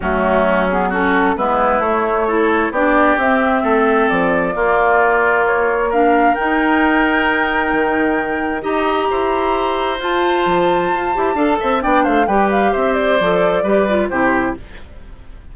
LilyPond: <<
  \new Staff \with { instrumentName = "flute" } { \time 4/4 \tempo 4 = 132 fis'4. gis'8 a'4 b'4 | cis''2 d''4 e''4~ | e''4 d''2. | cis''4 f''4 g''2~ |
g''2. ais''4~ | ais''2 a''2~ | a''2 g''8 f''8 g''8 f''8 | e''8 d''2~ d''8 c''4 | }
  \new Staff \with { instrumentName = "oboe" } { \time 4/4 cis'2 fis'4 e'4~ | e'4 a'4 g'2 | a'2 f'2~ | f'4 ais'2.~ |
ais'2. dis''4 | c''1~ | c''4 f''8 e''8 d''8 c''8 b'4 | c''2 b'4 g'4 | }
  \new Staff \with { instrumentName = "clarinet" } { \time 4/4 a4. b8 cis'4 b4 | a4 e'4 d'4 c'4~ | c'2 ais2~ | ais4 d'4 dis'2~ |
dis'2. g'4~ | g'2 f'2~ | f'8 g'8 a'4 d'4 g'4~ | g'4 a'4 g'8 f'8 e'4 | }
  \new Staff \with { instrumentName = "bassoon" } { \time 4/4 fis2. gis4 | a2 b4 c'4 | a4 f4 ais2~ | ais2 dis'2~ |
dis'4 dis2 dis'4 | e'2 f'4 f4 | f'8 e'8 d'8 c'8 b8 a8 g4 | c'4 f4 g4 c4 | }
>>